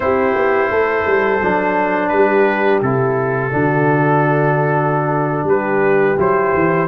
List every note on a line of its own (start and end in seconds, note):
0.00 0.35 C4
0.00 1.40 E4
0.00 0.70 G4
0.00 2.08 C5
0.35 0.70 B3
0.70 1.05 A3
0.70 2.11 A4
1.06 1.41 G3
1.42 2.12 F#3
1.42 2.83 D4
2.08 2.81 G3
2.08 2.79 B4
2.15 3.54 G4
2.81 3.52 C3
2.81 3.51 E4
2.81 5.47 A4
3.51 5.43 D3
3.51 6.16 D4
3.51 5.47 F#4
5.43 6.14 G3
5.43 6.88 G4
5.43 6.19 B4
6.17 6.53 F#3
6.17 6.87 E4
6.17 6.88 C5
6.54 6.88 E3